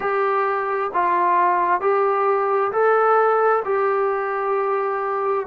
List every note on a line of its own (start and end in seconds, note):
0.00 0.90 G4
0.93 1.80 F4
1.80 2.71 G4
2.72 3.63 A4
3.64 5.46 G4